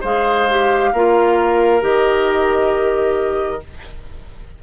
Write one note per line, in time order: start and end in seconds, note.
0.00 0.92 G#3
0.00 0.49 G#4
0.00 0.90 C5
0.00 1.83 F5
0.49 0.94 G4
0.93 1.82 A#3
0.93 1.80 F4
0.93 3.61 A#4
1.80 3.61 D#3
1.80 3.59 G4
1.80 3.62 D#5